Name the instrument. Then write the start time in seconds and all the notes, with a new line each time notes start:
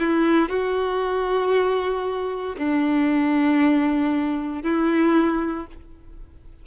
violin
0.00 E4
0.50 F#4
2.58 D4
4.63 E4